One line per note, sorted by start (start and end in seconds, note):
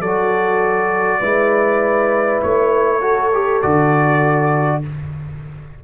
0.00 1.21 F#3
0.00 1.22 F#4
0.00 1.20 A4
0.00 2.41 D5
1.20 2.42 G#3
1.20 3.02 E4
1.20 3.00 B4
2.43 3.64 A3
2.43 3.62 C#5
3.00 3.31 F#4
3.00 4.80 A4
3.33 3.63 G4
3.62 4.84 D3
3.62 4.83 F#4
3.62 4.82 D5